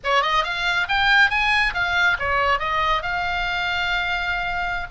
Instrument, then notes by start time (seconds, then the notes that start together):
oboe
0.04 C#5
0.22 D#5
0.44 F5
0.88 G5
1.30 G#5
1.74 F5
2.19 C#5
2.59 D#5
3.02 F5